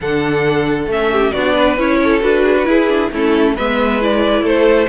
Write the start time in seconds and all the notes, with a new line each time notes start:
0.01 D3 D4 A4 F#5
0.86 A3 C#4 E5
1.11 G4
1.31 B3 D4 F#4 D5
1.54 B4
1.77 C#4 E4 C#5
2.03 A4
2.20 D4 F#4 B4
2.44 G#4
2.57 F#4
2.64 E4 G#4
2.88 D4
3.11 A3 C#4 E4 A4
3.55 G#3 B3 B4 E5
4.00 E4 D5
4.42 A3 A4 C5